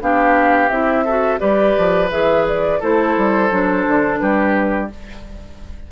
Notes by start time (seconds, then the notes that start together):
0.00 B3 D4 G4 F5
0.69 C4 E4 E5
1.05 F#4 A4
1.38 G3 G4 B4 D5
1.77 F3
2.10 E3 G#4 E5
2.48 D5
2.80 A3 E4 A4 C5
3.17 G3
3.51 F#3 D4
3.87 D3
4.18 G3 G4 B4